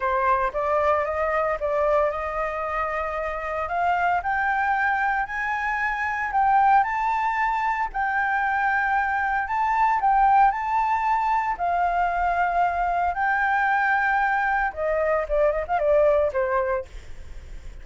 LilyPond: \new Staff \with { instrumentName = "flute" } { \time 4/4 \tempo 4 = 114 c''4 d''4 dis''4 d''4 | dis''2. f''4 | g''2 gis''2 | g''4 a''2 g''4~ |
g''2 a''4 g''4 | a''2 f''2~ | f''4 g''2. | dis''4 d''8 dis''16 f''16 d''4 c''4 | }